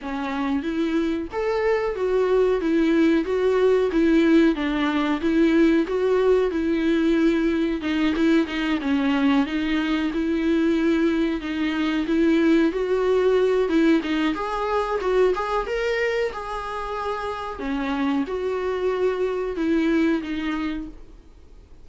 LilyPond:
\new Staff \with { instrumentName = "viola" } { \time 4/4 \tempo 4 = 92 cis'4 e'4 a'4 fis'4 | e'4 fis'4 e'4 d'4 | e'4 fis'4 e'2 | dis'8 e'8 dis'8 cis'4 dis'4 e'8~ |
e'4. dis'4 e'4 fis'8~ | fis'4 e'8 dis'8 gis'4 fis'8 gis'8 | ais'4 gis'2 cis'4 | fis'2 e'4 dis'4 | }